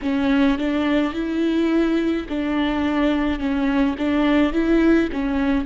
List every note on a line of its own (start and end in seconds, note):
0.02 0.58 C#4
0.58 1.13 D4
1.13 2.26 E4
2.28 3.39 D4
3.39 3.95 C#4
3.98 4.52 D4
4.52 5.09 E4
5.12 5.66 C#4